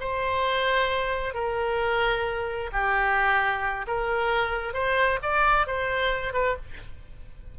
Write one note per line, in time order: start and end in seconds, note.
0.00 1.34 C5
1.34 2.70 A#4
2.73 3.86 G4
3.88 4.74 A#4
4.74 5.19 C5
5.23 5.67 D5
5.67 6.33 C5
6.33 6.56 B4